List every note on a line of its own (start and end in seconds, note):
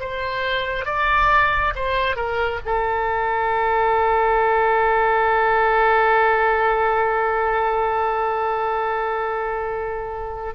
0.00 0.85 C5
0.85 1.74 D5
1.75 2.16 C5
2.16 2.60 A#4
2.65 10.54 A4